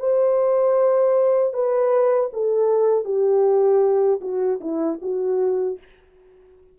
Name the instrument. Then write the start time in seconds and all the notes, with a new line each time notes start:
horn
0.00 C5
1.54 B4
2.33 A4
3.05 G4
4.21 F#4
4.61 E4
5.02 F#4